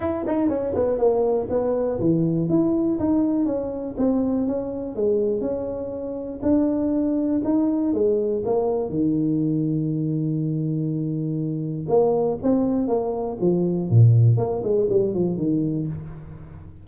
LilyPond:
\new Staff \with { instrumentName = "tuba" } { \time 4/4 \tempo 4 = 121 e'8 dis'8 cis'8 b8 ais4 b4 | e4 e'4 dis'4 cis'4 | c'4 cis'4 gis4 cis'4~ | cis'4 d'2 dis'4 |
gis4 ais4 dis2~ | dis1 | ais4 c'4 ais4 f4 | ais,4 ais8 gis8 g8 f8 dis4 | }